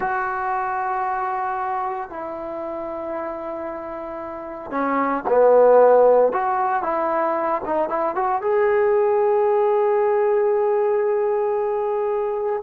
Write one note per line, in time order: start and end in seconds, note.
0.00 2.09 F#4
2.09 4.70 E4
4.70 5.23 C#4
5.28 6.32 B3
6.32 6.82 F#4
6.82 7.61 E4
7.65 7.89 D#4
7.89 8.15 E4
8.15 8.41 F#4
8.41 12.62 G#4